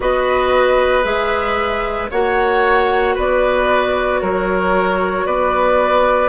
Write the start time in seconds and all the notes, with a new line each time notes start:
0.00 B3 F#4 B4 D#5
1.03 G#3 G#4 E5
2.10 A#3 F#4 C#5 F#5
3.14 B3 B4 D5
4.21 F#3 A#4 C#5
5.25 B3 B4 D5